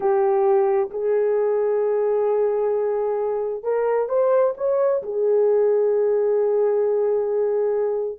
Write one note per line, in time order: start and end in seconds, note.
0.00 0.90 G4
0.90 3.63 G#4
3.63 4.08 A#4
4.08 4.54 C5
4.57 5.02 C#5
5.02 8.18 G#4